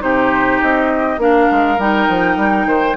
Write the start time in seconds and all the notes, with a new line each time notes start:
0.00 C3 D#4 G4 C5
0.62 C4 D#5
1.18 A#3 D4 A#4 F5
1.51 G#3
1.78 G3 D#4 G5
2.09 F3
2.37 G3
2.66 D#3 C5